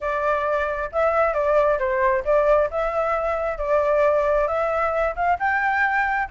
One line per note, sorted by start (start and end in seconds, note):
0.00 0.90 D5
0.92 1.33 E5
1.33 1.78 D5
1.78 2.23 C5
2.24 2.69 D5
2.70 3.58 E5
3.58 4.47 D5
4.47 5.14 E5
5.15 5.38 F5
5.39 6.28 G5